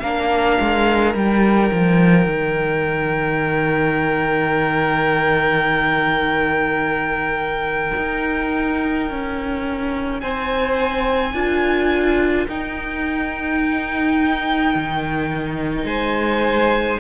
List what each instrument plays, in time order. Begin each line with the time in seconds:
0.00 cello A#3, viola D4, violin A#4 F5
0.61 cello G#3
1.14 cello G3, viola D#4, violin G5
1.72 cello F3
2.26 cello D#3
7.97 cello D#4
9.11 cello C#4
10.20 cello C4, violin C5 G#5
11.34 cello D4, viola F4, violin A#4
12.48 cello D#4, viola D#4, violin G5
14.75 cello D#3
15.84 cello G#3, violin C5 G#5